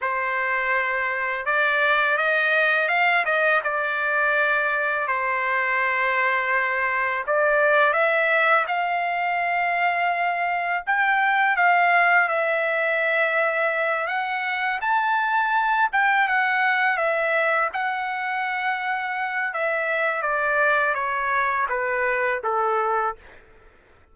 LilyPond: \new Staff \with { instrumentName = "trumpet" } { \time 4/4 \tempo 4 = 83 c''2 d''4 dis''4 | f''8 dis''8 d''2 c''4~ | c''2 d''4 e''4 | f''2. g''4 |
f''4 e''2~ e''8 fis''8~ | fis''8 a''4. g''8 fis''4 e''8~ | e''8 fis''2~ fis''8 e''4 | d''4 cis''4 b'4 a'4 | }